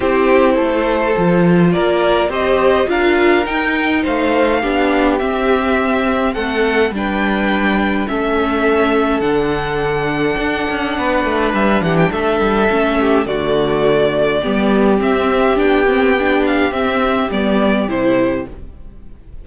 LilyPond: <<
  \new Staff \with { instrumentName = "violin" } { \time 4/4 \tempo 4 = 104 c''2. d''4 | dis''4 f''4 g''4 f''4~ | f''4 e''2 fis''4 | g''2 e''2 |
fis''1 | e''8 fis''16 g''16 e''2 d''4~ | d''2 e''4 g''4~ | g''8 f''8 e''4 d''4 c''4 | }
  \new Staff \with { instrumentName = "violin" } { \time 4/4 g'4 a'2 ais'4 | c''4 ais'2 c''4 | g'2. a'4 | b'2 a'2~ |
a'2. b'4~ | b'8 g'8 a'4. g'8 fis'4~ | fis'4 g'2.~ | g'1 | }
  \new Staff \with { instrumentName = "viola" } { \time 4/4 e'2 f'2 | g'4 f'4 dis'2 | d'4 c'2. | d'2 cis'2 |
d'1~ | d'2 cis'4 a4~ | a4 b4 c'4 d'8 c'8 | d'4 c'4 b4 e'4 | }
  \new Staff \with { instrumentName = "cello" } { \time 4/4 c'4 a4 f4 ais4 | c'4 d'4 dis'4 a4 | b4 c'2 a4 | g2 a2 |
d2 d'8 cis'8 b8 a8 | g8 e8 a8 g8 a4 d4~ | d4 g4 c'4 b4~ | b4 c'4 g4 c4 | }
>>